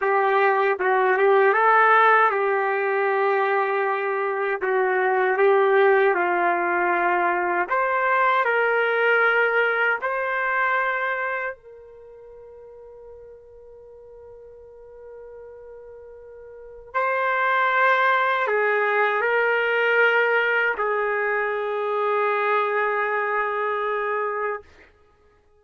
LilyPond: \new Staff \with { instrumentName = "trumpet" } { \time 4/4 \tempo 4 = 78 g'4 fis'8 g'8 a'4 g'4~ | g'2 fis'4 g'4 | f'2 c''4 ais'4~ | ais'4 c''2 ais'4~ |
ais'1~ | ais'2 c''2 | gis'4 ais'2 gis'4~ | gis'1 | }